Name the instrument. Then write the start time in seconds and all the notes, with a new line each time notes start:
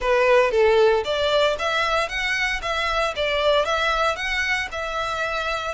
violin
0.00 B4
0.51 A4
1.04 D5
1.59 E5
2.08 F#5
2.62 E5
3.16 D5
3.65 E5
4.16 F#5
4.71 E5